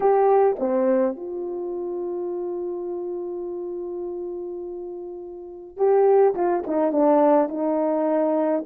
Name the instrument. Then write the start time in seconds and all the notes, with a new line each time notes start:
horn
0.00 G4
0.59 C4
1.16 F4
5.76 G4
6.34 F4
6.66 D#4
6.92 D4
7.48 D#4